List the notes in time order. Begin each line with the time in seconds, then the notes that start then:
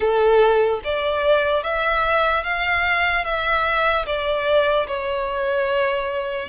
0.00 A4
0.84 D5
1.63 E5
2.43 F5
3.24 E5
4.05 D5
4.86 C#5